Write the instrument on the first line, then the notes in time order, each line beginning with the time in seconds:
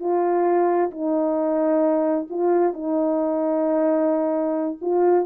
horn
0.00 F4
0.91 D#4
2.30 F4
2.74 D#4
4.82 F4